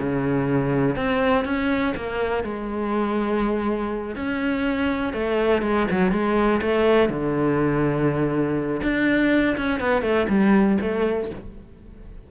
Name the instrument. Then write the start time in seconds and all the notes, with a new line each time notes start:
cello
0.00 C#3
0.97 C4
1.46 C#4
1.97 A#3
2.44 G#3
4.16 C#4
5.14 A3
5.63 G#3
5.92 F#3
6.12 G#3
6.62 A3
7.10 D3
8.83 D4
9.58 C#4
9.80 B3
10.03 A3
10.29 G3
10.82 A3